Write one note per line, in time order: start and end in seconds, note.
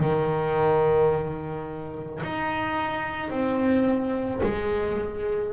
0.00 2.22 D#3
2.24 3.30 D#4
3.30 4.41 C4
4.43 5.54 G#3